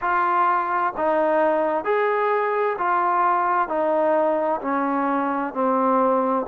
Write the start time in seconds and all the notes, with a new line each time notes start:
0.01 F4
0.97 D#4
1.84 G#4
2.78 F4
3.68 D#4
4.61 C#4
5.53 C4